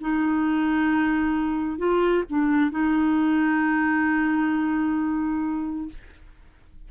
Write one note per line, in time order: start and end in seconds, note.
0.00 1.78 D#4
1.78 2.23 F4
2.30 2.71 D4
2.71 5.89 D#4